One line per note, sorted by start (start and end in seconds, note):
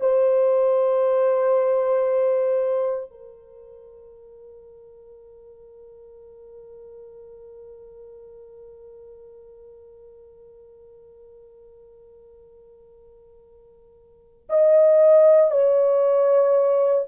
0.00 3.10 C5
3.11 14.49 A#4
14.49 15.51 D#5
15.51 17.06 C#5